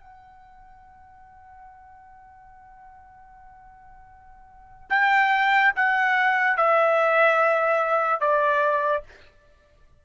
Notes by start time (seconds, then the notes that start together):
0.00 F#5
4.90 G5
5.75 F#5
6.57 E5
8.20 D5